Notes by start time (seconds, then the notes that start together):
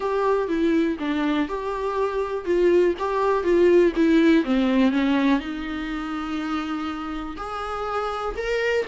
0.00 G4
0.48 E4
0.99 D4
1.48 G4
2.45 F4
2.98 G4
3.43 F4
3.96 E4
4.44 C4
4.91 C#4
5.39 D#4
7.36 G#4
8.37 A#4